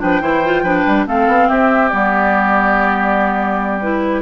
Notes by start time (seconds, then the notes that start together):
0.00 F3 D4 B4 G5
0.21 E3 E4 C5
0.45 F4
0.63 F3 D4 B4
0.87 G3
1.06 A3 C4 A4 F5
1.28 B3
1.48 C4 G4 E5
1.89 G3 B3 D5
3.81 E4 B4